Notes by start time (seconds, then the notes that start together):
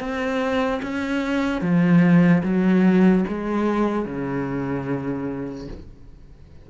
0.00 C4
0.83 C#4
1.62 F3
2.44 F#3
3.28 G#3
4.06 C#3